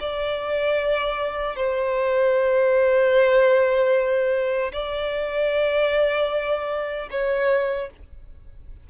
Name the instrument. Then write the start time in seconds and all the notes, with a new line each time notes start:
violin
0.00 D5
1.56 C5
4.72 D5
7.11 C#5